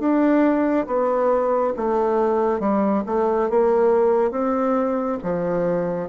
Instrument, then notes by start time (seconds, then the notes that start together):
bassoon
0.00 D4
0.87 B3
1.77 A3
2.60 G3
3.07 A3
3.50 A#3
4.32 C4
5.24 F3